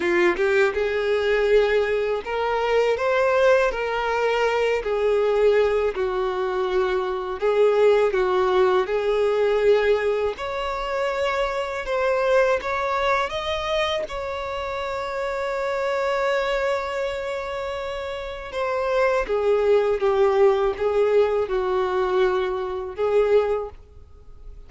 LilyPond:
\new Staff \with { instrumentName = "violin" } { \time 4/4 \tempo 4 = 81 f'8 g'8 gis'2 ais'4 | c''4 ais'4. gis'4. | fis'2 gis'4 fis'4 | gis'2 cis''2 |
c''4 cis''4 dis''4 cis''4~ | cis''1~ | cis''4 c''4 gis'4 g'4 | gis'4 fis'2 gis'4 | }